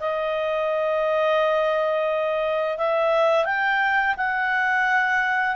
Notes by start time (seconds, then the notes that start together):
0.00 D#5
2.78 E5
3.45 G5
4.17 F#5